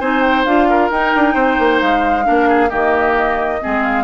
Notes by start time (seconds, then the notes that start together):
0.00 C4 D#4 C5 G#5
0.22 G5
0.45 D4 F4 F5
0.69 A#4
0.91 D#4 G5
1.15 D4
1.34 C4 C5
1.59 A#3
1.81 G#3 F5
2.24 A#3 D4 A#4
2.48 G#4
2.69 D#3 A#3 G4 D#5
3.61 G#3 C4 G#4
3.83 F5